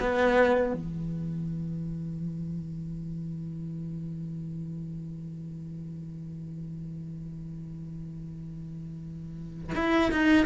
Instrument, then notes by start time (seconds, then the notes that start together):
cello
0.00 B3
0.74 E3
9.75 E4
10.11 D#4